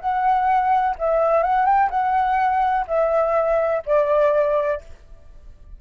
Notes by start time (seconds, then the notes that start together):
0.00 F#5
0.98 E5
1.43 F#5
1.66 G5
1.90 F#5
2.87 E5
3.86 D5